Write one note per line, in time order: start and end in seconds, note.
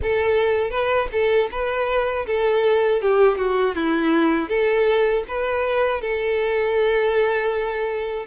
0.02 0.70 A4
0.70 1.07 B4
1.12 1.49 A4
1.51 2.26 B4
2.26 3.01 A4
3.01 3.38 G4
3.38 3.75 F#4
3.75 4.49 E4
4.49 5.24 A4
5.28 6.01 B4
6.01 8.26 A4